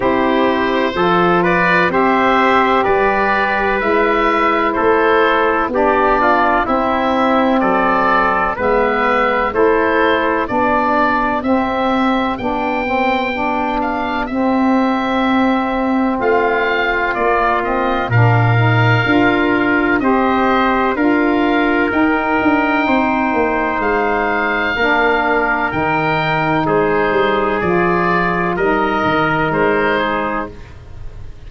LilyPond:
<<
  \new Staff \with { instrumentName = "oboe" } { \time 4/4 \tempo 4 = 63 c''4. d''8 e''4 d''4 | e''4 c''4 d''4 e''4 | d''4 e''4 c''4 d''4 | e''4 g''4. f''8 e''4~ |
e''4 f''4 d''8 dis''8 f''4~ | f''4 dis''4 f''4 g''4~ | g''4 f''2 g''4 | c''4 d''4 dis''4 c''4 | }
  \new Staff \with { instrumentName = "trumpet" } { \time 4/4 g'4 a'8 b'8 c''4 b'4~ | b'4 a'4 g'8 f'8 e'4 | a'4 b'4 a'4 g'4~ | g'1~ |
g'4 f'2 ais'4~ | ais'4 c''4 ais'2 | c''2 ais'2 | gis'2 ais'4. gis'8 | }
  \new Staff \with { instrumentName = "saxophone" } { \time 4/4 e'4 f'4 g'2 | e'2 d'4 c'4~ | c'4 b4 e'4 d'4 | c'4 d'8 c'8 d'4 c'4~ |
c'2 ais8 c'8 d'8 dis'8 | f'4 g'4 f'4 dis'4~ | dis'2 d'4 dis'4~ | dis'4 f'4 dis'2 | }
  \new Staff \with { instrumentName = "tuba" } { \time 4/4 c'4 f4 c'4 g4 | gis4 a4 b4 c'4 | fis4 gis4 a4 b4 | c'4 b2 c'4~ |
c'4 a4 ais4 ais,4 | d'4 c'4 d'4 dis'8 d'8 | c'8 ais8 gis4 ais4 dis4 | gis8 g8 f4 g8 dis8 gis4 | }
>>